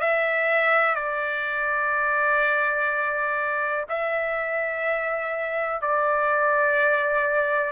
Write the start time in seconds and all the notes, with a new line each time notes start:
0.00 E5
0.95 D5
3.89 E5
5.81 D5